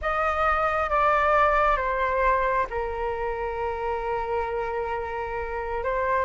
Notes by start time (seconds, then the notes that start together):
0.01 D#5
0.90 D5
1.76 C5
2.70 A#4
5.83 C5